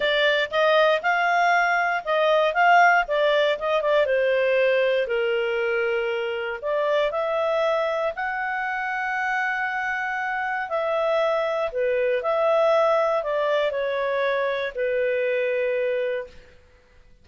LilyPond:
\new Staff \with { instrumentName = "clarinet" } { \time 4/4 \tempo 4 = 118 d''4 dis''4 f''2 | dis''4 f''4 d''4 dis''8 d''8 | c''2 ais'2~ | ais'4 d''4 e''2 |
fis''1~ | fis''4 e''2 b'4 | e''2 d''4 cis''4~ | cis''4 b'2. | }